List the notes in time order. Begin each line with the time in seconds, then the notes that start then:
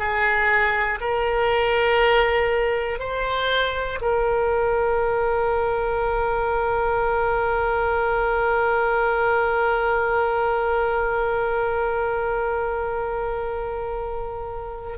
0.00 G#4
1.01 A#4
3.00 C5
4.02 A#4